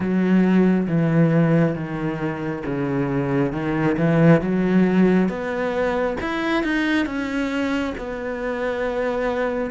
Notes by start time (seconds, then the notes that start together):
0.00 F#3
0.87 E3
1.74 D#3
2.65 C#3
3.52 D#3
3.97 E3
4.41 F#3
5.28 B3
6.20 E4
6.63 D#4
7.05 C#4
7.97 B3